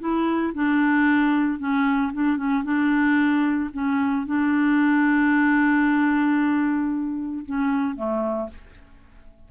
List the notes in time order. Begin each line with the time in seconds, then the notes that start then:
0.00 E4
0.54 D4
1.59 C#4
2.13 D4
2.37 C#4
2.64 D4
3.73 C#4
4.26 D4
7.46 C#4
7.96 A3